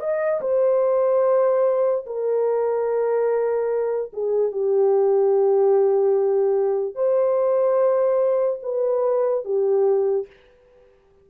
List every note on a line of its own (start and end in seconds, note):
0.00 0.41 D#5
0.41 2.06 C5
2.06 4.12 A#4
4.13 4.52 G#4
4.52 6.95 G4
6.95 8.59 C5
8.63 9.45 B4
9.45 10.27 G4